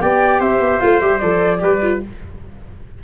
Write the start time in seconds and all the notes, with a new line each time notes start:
0.00 B3 G4 D5 G5
0.40 C4 C5 E5
0.59 B3
0.80 A3 F4 F5
1.00 G3 G4 E5
1.18 F3 A4 D5
1.59 G3 G4 B4
1.82 F4